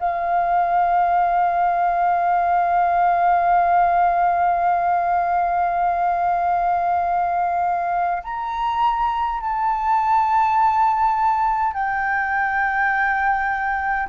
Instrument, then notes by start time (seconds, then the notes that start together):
flute
0.00 F5
8.24 A#5
9.41 A5
11.74 G5